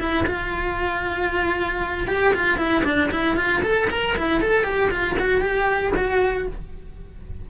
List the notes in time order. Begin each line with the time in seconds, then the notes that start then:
0.00 E4
0.27 F4
2.08 G4
2.34 F4
2.58 E4
2.85 D4
3.11 E4
3.37 F4
3.63 A4
3.91 A#4
4.17 E4
4.41 A4
4.64 G4
4.91 F4
5.20 F#4
5.41 G4
5.96 F#4